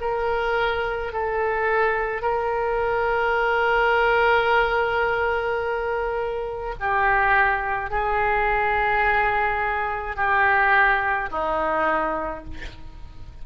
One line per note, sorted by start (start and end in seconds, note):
0.00 1.12 A#4
1.12 2.21 A4
2.21 6.74 A#4
6.80 7.90 G4
7.90 10.16 G#4
10.16 11.29 G4
11.31 12.44 D#4